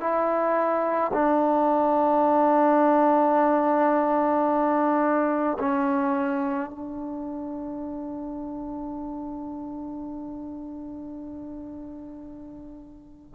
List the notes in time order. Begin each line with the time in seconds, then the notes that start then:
0.00 E4
1.13 D4
5.59 C#4
6.70 D4